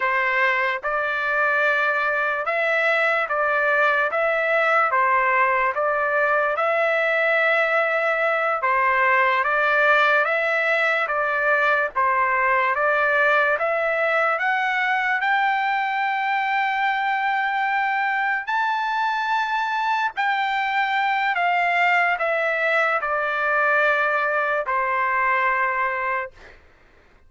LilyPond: \new Staff \with { instrumentName = "trumpet" } { \time 4/4 \tempo 4 = 73 c''4 d''2 e''4 | d''4 e''4 c''4 d''4 | e''2~ e''8 c''4 d''8~ | d''8 e''4 d''4 c''4 d''8~ |
d''8 e''4 fis''4 g''4.~ | g''2~ g''8 a''4.~ | a''8 g''4. f''4 e''4 | d''2 c''2 | }